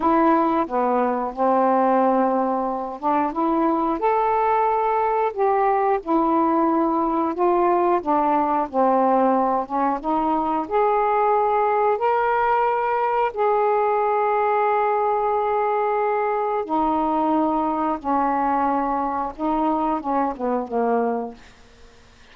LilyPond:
\new Staff \with { instrumentName = "saxophone" } { \time 4/4 \tempo 4 = 90 e'4 b4 c'2~ | c'8 d'8 e'4 a'2 | g'4 e'2 f'4 | d'4 c'4. cis'8 dis'4 |
gis'2 ais'2 | gis'1~ | gis'4 dis'2 cis'4~ | cis'4 dis'4 cis'8 b8 ais4 | }